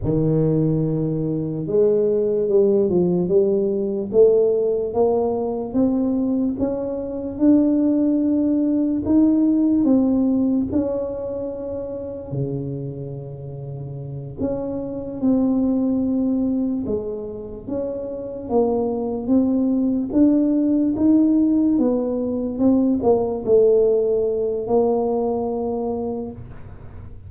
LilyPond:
\new Staff \with { instrumentName = "tuba" } { \time 4/4 \tempo 4 = 73 dis2 gis4 g8 f8 | g4 a4 ais4 c'4 | cis'4 d'2 dis'4 | c'4 cis'2 cis4~ |
cis4. cis'4 c'4.~ | c'8 gis4 cis'4 ais4 c'8~ | c'8 d'4 dis'4 b4 c'8 | ais8 a4. ais2 | }